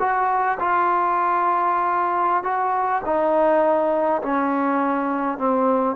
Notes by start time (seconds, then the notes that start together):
0.00 F#4
0.60 F4
2.44 F#4
3.05 D#4
4.22 C#4
5.38 C4